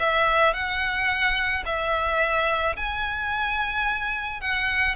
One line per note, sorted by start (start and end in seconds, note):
0.00 0.54 E5
0.54 1.64 F#5
1.66 2.76 E5
2.77 4.41 G#5
4.41 4.96 F#5